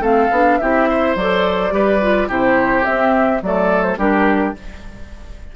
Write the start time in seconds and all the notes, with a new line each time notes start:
0.00 A3 C4 A4 F5
0.31 B3 D4
0.59 C4 E4 G4 E5
0.89 C5
1.16 F#3 A4 D5
1.71 G3 G4 B4
2.02 F4
2.29 C3 E4 G4 C5
2.84 C4 E5
3.42 F#3 A3 A4 D5
3.83 C5
3.98 G3 D4 G4 A#4